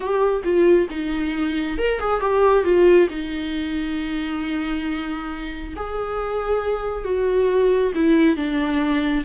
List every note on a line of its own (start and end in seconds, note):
0.00 0.43 G4
0.44 0.88 F4
0.89 1.78 D#4
1.78 1.99 A#4
1.99 2.20 G#4
2.20 2.64 G4
2.64 3.08 F4
3.09 5.74 D#4
5.76 7.04 G#4
7.04 7.92 F#4
7.95 8.36 E4
8.36 9.24 D4